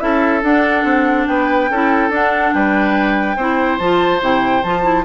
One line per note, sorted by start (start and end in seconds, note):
0.00 0.43 C#4
0.00 0.42 E4
0.00 1.29 A4
0.00 0.43 E5
0.43 0.85 D4
0.43 1.71 D4
0.43 1.27 F#5
0.85 1.27 C4
1.27 1.71 B3
1.27 1.71 B4
1.27 2.11 G5
1.71 2.10 C#4
1.71 2.11 E4
1.71 2.55 A4
2.10 2.52 D4
2.10 3.38 D4
2.10 2.54 F#5
2.54 3.37 G3
2.54 3.37 B4
2.54 3.79 G5
3.37 3.79 C4
3.37 3.82 E4
3.37 5.05 C5
3.79 4.22 F3
3.79 4.21 F4
3.79 4.21 A5
4.21 4.64 C3
4.21 4.63 E4
4.21 4.64 G5
4.64 5.05 F3
4.64 4.83 F4
4.64 5.05 A5
4.83 5.04 E4